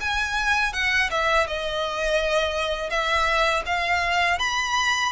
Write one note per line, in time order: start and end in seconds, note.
0.00 0.73 G#5
0.73 1.09 F#5
1.10 1.47 E5
1.47 2.90 D#5
2.90 3.63 E5
3.66 4.39 F5
4.39 5.12 B5